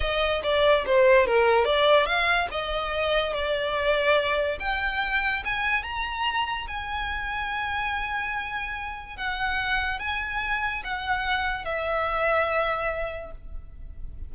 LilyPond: \new Staff \with { instrumentName = "violin" } { \time 4/4 \tempo 4 = 144 dis''4 d''4 c''4 ais'4 | d''4 f''4 dis''2 | d''2. g''4~ | g''4 gis''4 ais''2 |
gis''1~ | gis''2 fis''2 | gis''2 fis''2 | e''1 | }